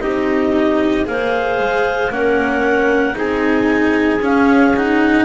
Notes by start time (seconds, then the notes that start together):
0.00 C4 D#4 G4 D#5
1.05 A#3 G#4 C5 F5
1.59 G#3
2.10 A#3 C#4 A#4 F#5
3.14 C4 D#4 G#4 G#5
4.20 C#4 F5
4.76 D#4 F#5